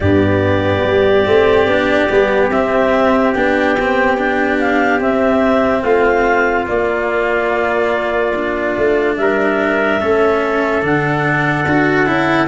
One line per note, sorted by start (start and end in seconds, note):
0.00 0.81 G2
0.00 1.26 B3
0.00 5.83 G4
0.00 2.48 D5
0.83 1.25 G3
1.26 1.66 A3
1.26 1.67 C4
1.66 2.07 B3
1.66 2.09 D4
2.09 2.48 G3
2.09 2.51 B3
2.48 3.32 C4
2.48 3.35 C4
2.48 3.33 E5
3.33 4.99 B3
3.33 3.77 D4
3.33 4.58 G5
3.79 4.17 C4
4.17 4.99 D4
4.58 5.00 F5
4.99 5.82 C4
4.99 6.66 C4
4.99 5.82 E5
5.82 6.66 A3
5.82 9.16 F4
5.82 6.65 F5
6.66 8.32 A#3
6.66 8.76 A#3
6.66 9.16 D5
8.35 10.00 D4
8.77 9.17 A3
9.16 10.01 G3
9.16 10.00 A#4
9.16 10.83 E5
10.00 10.82 A3
10.00 10.81 C#4
10.00 12.47 A4
10.81 11.66 D3
10.81 11.65 D4
10.81 12.47 F#5
11.66 12.07 D4
11.66 12.06 F#4
12.06 12.47 C#4
12.06 12.47 E4